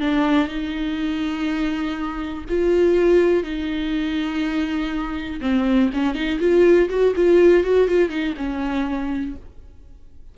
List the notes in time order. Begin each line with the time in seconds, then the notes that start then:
0.00 D4
0.48 D#4
2.49 F4
3.44 D#4
5.41 C4
5.93 C#4
6.15 D#4
6.40 F4
6.89 F#4
7.16 F4
7.64 F#4
7.88 F4
8.09 D#4
8.37 C#4